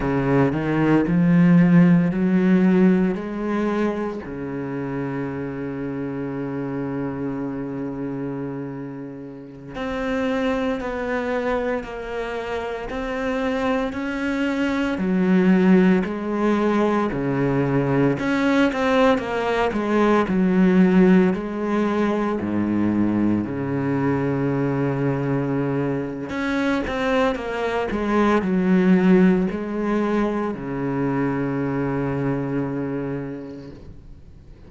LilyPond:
\new Staff \with { instrumentName = "cello" } { \time 4/4 \tempo 4 = 57 cis8 dis8 f4 fis4 gis4 | cis1~ | cis4~ cis16 c'4 b4 ais8.~ | ais16 c'4 cis'4 fis4 gis8.~ |
gis16 cis4 cis'8 c'8 ais8 gis8 fis8.~ | fis16 gis4 gis,4 cis4.~ cis16~ | cis4 cis'8 c'8 ais8 gis8 fis4 | gis4 cis2. | }